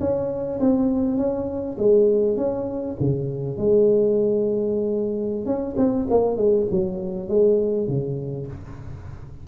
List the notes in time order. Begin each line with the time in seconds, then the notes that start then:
0.00 C#4
0.60 C4
1.17 C#4
1.78 G#3
2.37 C#4
3.00 C#3
3.58 G#3
5.46 C#4
5.77 C4
6.10 A#3
6.37 G#3
6.71 F#3
7.29 G#3
7.87 C#3